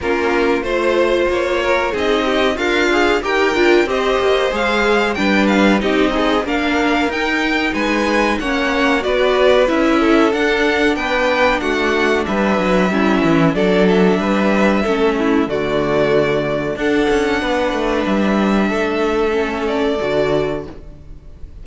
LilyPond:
<<
  \new Staff \with { instrumentName = "violin" } { \time 4/4 \tempo 4 = 93 ais'4 c''4 cis''4 dis''4 | f''4 g''4 dis''4 f''4 | g''8 f''8 dis''4 f''4 g''4 | gis''4 fis''4 d''4 e''4 |
fis''4 g''4 fis''4 e''4~ | e''4 d''8 e''2~ e''8 | d''2 fis''2 | e''2~ e''8 d''4. | }
  \new Staff \with { instrumentName = "violin" } { \time 4/4 f'4 c''4. ais'8 gis'8 g'8 | f'4 ais'4 c''2 | b'4 g'8 dis'8 ais'2 | b'4 cis''4 b'4. a'8~ |
a'4 b'4 fis'4 b'4 | e'4 a'4 b'4 a'8 e'8 | fis'2 a'4 b'4~ | b'4 a'2. | }
  \new Staff \with { instrumentName = "viola" } { \time 4/4 cis'4 f'2 dis'4 | ais'8 gis'8 g'8 f'8 g'4 gis'4 | d'4 dis'8 gis'8 d'4 dis'4~ | dis'4 cis'4 fis'4 e'4 |
d'1 | cis'4 d'2 cis'4 | a2 d'2~ | d'2 cis'4 fis'4 | }
  \new Staff \with { instrumentName = "cello" } { \time 4/4 ais4 a4 ais4 c'4 | d'4 dis'8 d'8 c'8 ais8 gis4 | g4 c'4 ais4 dis'4 | gis4 ais4 b4 cis'4 |
d'4 b4 a4 g8 fis8 | g8 e8 fis4 g4 a4 | d2 d'8 cis'8 b8 a8 | g4 a2 d4 | }
>>